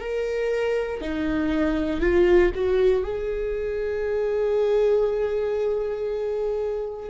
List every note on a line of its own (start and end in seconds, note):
0.00 1.01 A#4
1.01 2.01 D#4
2.01 2.52 F4
2.55 3.05 F#4
3.05 7.10 G#4